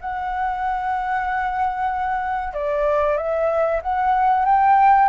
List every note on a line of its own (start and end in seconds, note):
0.00 2.54 F#5
2.54 3.17 D5
3.17 3.81 E5
3.82 4.45 F#5
4.45 5.09 G5